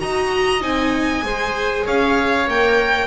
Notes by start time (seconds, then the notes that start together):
0.00 D#4 F#4 D#5 A#5
0.61 C4 D#4 G#5
1.23 G#3 G#4 C5
1.86 C#4 C#5 F5
2.48 A#3 A#4 G5